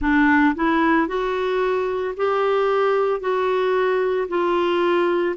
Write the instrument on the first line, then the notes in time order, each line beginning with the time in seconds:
clarinet
0.00 D4
0.55 E4
1.07 F#4
2.16 G4
3.20 F#4
4.28 F4